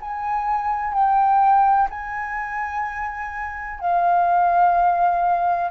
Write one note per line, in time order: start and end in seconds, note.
0.00 0.93 G#5
0.93 1.88 G5
1.90 3.80 G#5
3.80 5.71 F5